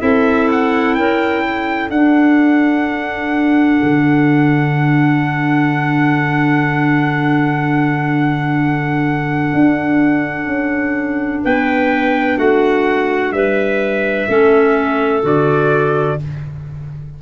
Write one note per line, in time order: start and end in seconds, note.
0.00 0.97 C4
0.00 1.90 E4
0.00 0.97 A4
0.00 0.49 E5
0.52 0.95 F#5
0.95 1.90 C#4
0.95 1.44 A#4
0.95 1.90 G5
1.44 11.44 A4
1.90 3.81 D4
1.90 14.29 D4
1.90 11.43 F#5
3.83 9.54 D3
9.54 10.46 D4
10.46 11.41 C#4
11.44 12.38 B3
11.44 12.38 B4
11.44 12.38 G5
12.38 13.32 A3
12.38 13.34 F#4
12.38 13.33 F#5
13.32 14.27 G3
13.32 14.29 B4
13.32 15.23 E5
14.29 15.23 A3
14.29 15.23 C#4
14.29 16.19 A4
15.23 16.19 D3
15.23 16.18 F#4
15.23 16.22 D5